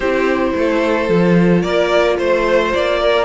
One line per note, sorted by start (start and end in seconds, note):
0.00 0.53 C4
0.00 1.09 E4
0.00 0.51 G4
0.00 1.62 C5
0.54 1.08 A3
0.54 1.62 A4
1.08 1.63 F3
1.08 3.25 F4
1.62 2.19 A#3
1.62 2.17 A#4
1.62 2.16 D5
2.18 2.73 A3
2.18 2.73 C5
2.18 2.99 C5
2.74 3.25 A#3
2.74 3.25 D5
2.99 3.25 A#4